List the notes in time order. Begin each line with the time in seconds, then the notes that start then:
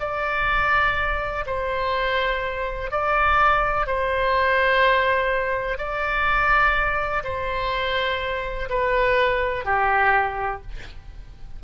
0.00 D5
1.46 C5
2.91 D5
3.87 C5
5.78 D5
7.24 C5
8.70 B4
9.65 G4